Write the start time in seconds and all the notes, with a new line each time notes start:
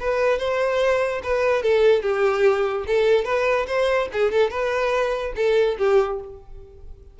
0.00 B4
0.39 C5
1.23 B4
1.63 A4
2.02 G4
2.87 A4
3.25 B4
3.67 C5
4.13 G#4
4.32 A4
4.50 B4
5.36 A4
5.78 G4